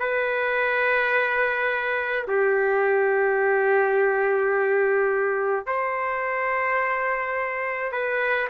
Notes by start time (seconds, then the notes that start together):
0.00 B4
2.28 G4
5.67 C5
7.92 B4